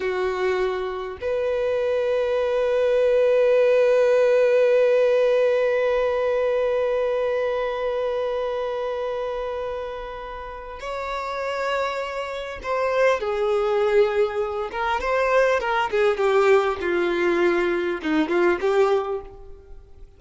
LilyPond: \new Staff \with { instrumentName = "violin" } { \time 4/4 \tempo 4 = 100 fis'2 b'2~ | b'1~ | b'1~ | b'1~ |
b'2 cis''2~ | cis''4 c''4 gis'2~ | gis'8 ais'8 c''4 ais'8 gis'8 g'4 | f'2 dis'8 f'8 g'4 | }